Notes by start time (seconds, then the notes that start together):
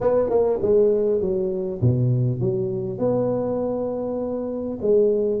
0.01 B3
0.29 A#3
0.61 G#3
1.20 F#3
1.81 B2
2.40 F#3
2.98 B3
4.81 G#3